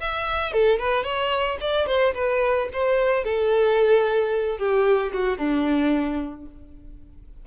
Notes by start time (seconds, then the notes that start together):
0.00 E5
0.52 A4
0.79 B4
1.03 C#5
1.60 D5
1.86 C5
2.14 B4
2.73 C5
3.24 A4
4.58 G4
5.12 F#4
5.37 D4